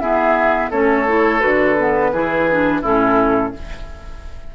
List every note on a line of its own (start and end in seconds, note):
0.00 0.71 B3
0.00 0.71 E4
0.00 0.70 G#4
0.00 0.71 E5
0.70 1.42 A3
0.70 1.07 C#4
0.70 2.11 A4
0.70 1.40 C#5
1.07 1.40 E4
1.40 2.12 D3
1.40 1.75 F#4
1.40 2.82 B4
1.79 2.14 B3
2.12 2.83 E3
2.12 2.49 E4
2.12 2.81 G#4
2.51 2.83 D4
2.81 3.54 A2
2.81 3.54 C#4
2.81 3.52 E4
2.81 3.55 A4